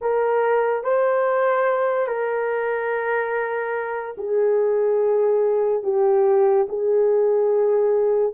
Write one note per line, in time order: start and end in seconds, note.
0.01 0.83 A#4
0.83 2.07 C5
2.07 4.15 A#4
4.17 5.83 G#4
5.83 6.66 G4
6.69 8.33 G#4